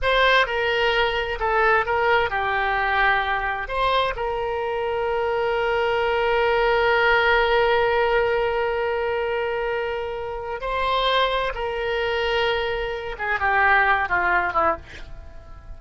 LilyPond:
\new Staff \with { instrumentName = "oboe" } { \time 4/4 \tempo 4 = 130 c''4 ais'2 a'4 | ais'4 g'2. | c''4 ais'2.~ | ais'1~ |
ais'1~ | ais'2. c''4~ | c''4 ais'2.~ | ais'8 gis'8 g'4. f'4 e'8 | }